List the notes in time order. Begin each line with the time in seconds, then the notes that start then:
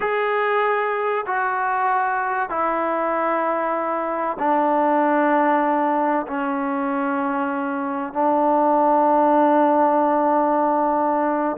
0.00 G#4
1.26 F#4
2.49 E4
4.38 D4
6.27 C#4
8.13 D4